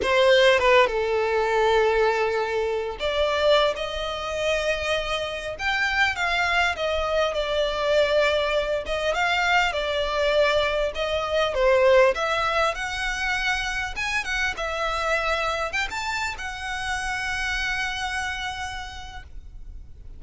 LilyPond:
\new Staff \with { instrumentName = "violin" } { \time 4/4 \tempo 4 = 100 c''4 b'8 a'2~ a'8~ | a'4 d''4~ d''16 dis''4.~ dis''16~ | dis''4~ dis''16 g''4 f''4 dis''8.~ | dis''16 d''2~ d''8 dis''8 f''8.~ |
f''16 d''2 dis''4 c''8.~ | c''16 e''4 fis''2 gis''8 fis''16~ | fis''16 e''2 g''16 a''8. fis''8.~ | fis''1 | }